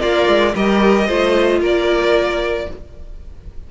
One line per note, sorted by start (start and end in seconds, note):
0.00 0.28 A#3
0.00 0.53 F4
0.00 0.54 A#4
0.00 0.54 D5
0.28 0.54 G#3
0.55 1.08 G3
0.55 1.08 G4
0.55 1.07 A#4
0.55 1.62 D#5
1.07 1.60 A3
1.07 2.67 F4
1.07 1.60 C5
1.60 2.66 A#3
1.60 2.67 A#4
1.60 2.71 D5